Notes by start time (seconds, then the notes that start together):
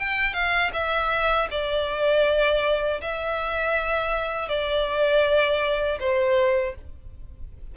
0.00 G5
0.34 F5
0.73 E5
1.51 D5
3.02 E5
4.49 D5
6.00 C5